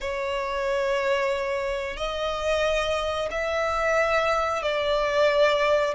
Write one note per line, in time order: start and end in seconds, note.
0.00 1.97 C#5
1.97 3.28 D#5
3.30 4.62 E5
4.62 5.94 D5